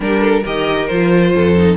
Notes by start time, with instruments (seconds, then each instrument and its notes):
0.00 cello G3, viola D4, violin G4 A#4
0.20 violin A4
0.42 cello D#3, viola G4, violin A#4 D#5
0.87 cello F3, viola F4, violin C5
1.34 cello F2, violin A4
1.57 viola D#4